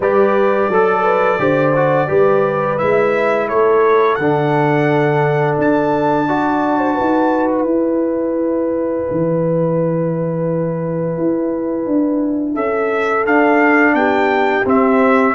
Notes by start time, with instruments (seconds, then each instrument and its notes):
0.00 tuba G3, trombone G4, horn B4, trumpet D5
0.68 tuba F#3, horn A4, trombone A4
1.03 horn B4
1.38 tuba D3, trombone G4, horn C5
1.75 trombone F#4
2.07 tuba G3, trombone G4, horn B4
2.78 tuba G#3, trombone E4, trumpet E5
3.48 tuba A3, horn A4, trumpet C#5
4.15 tuba D3, trombone D4, trumpet F#5
5.57 tuba D4, trumpet A5
6.27 trombone F#4, horn D5
6.78 horn C5
6.94 tuba D#4, horn B4
7.50 trumpet G#5
7.64 tuba E4, trombone E4
9.10 tuba E3
11.17 tuba E4
11.86 tuba D4
12.54 tuba C#4, horn A4, trumpet E5
13.25 tuba D4, trombone D4, trumpet F5
13.94 tuba B3, horn G4, trumpet G5
14.65 tuba C4, trombone C4, trumpet E5